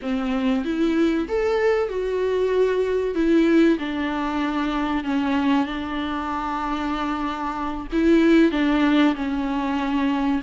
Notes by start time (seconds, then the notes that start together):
0.01 C4
0.65 E4
1.28 A4
1.88 F#4
3.14 E4
3.78 D4
5.04 C#4
5.66 D4
7.92 E4
8.51 D4
9.15 C#4